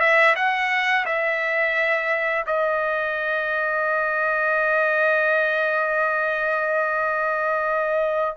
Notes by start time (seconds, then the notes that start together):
0.00 E5
0.36 F#5
1.06 E5
2.46 D#5